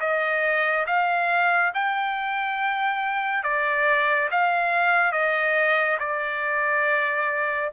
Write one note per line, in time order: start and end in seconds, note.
0.00 0.86 D#5
0.86 1.72 F5
1.74 3.43 G5
3.43 4.29 D5
4.31 5.12 F5
5.12 5.97 D#5
5.99 7.71 D5